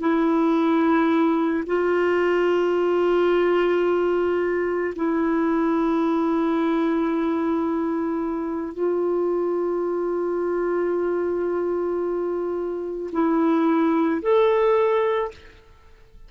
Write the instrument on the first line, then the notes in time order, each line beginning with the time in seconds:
clarinet
0.00 E4
1.67 F4
4.95 E4
8.74 F4
13.13 E4
14.22 A4